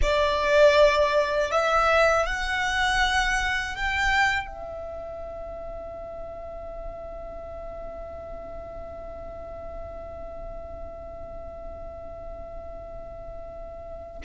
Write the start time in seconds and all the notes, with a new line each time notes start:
0.02 D5
1.51 E5
2.26 F#5
3.75 G5
4.46 E5